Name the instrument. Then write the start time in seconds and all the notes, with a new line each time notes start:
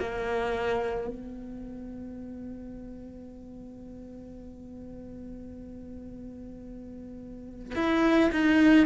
cello
0.00 A#3
1.08 B3
7.76 E4
8.32 D#4